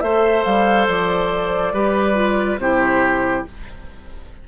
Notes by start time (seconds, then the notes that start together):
0.00 A3 A4 C5 E5
0.44 G3 F5
0.87 F3 D5
1.72 G3 G4 B4
2.14 F4
2.57 C3 E4 G4 C5